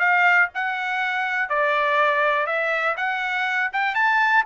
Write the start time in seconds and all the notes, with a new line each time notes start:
0.00 F5
0.55 F#5
1.50 D5
2.47 E5
2.97 F#5
3.73 G5
3.95 A5